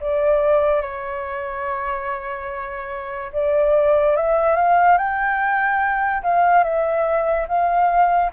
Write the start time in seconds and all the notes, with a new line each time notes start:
0.00 D5
0.81 C#5
3.32 D5
4.16 E5
4.56 F5
4.97 G5
6.23 F5
6.63 E5
7.48 F5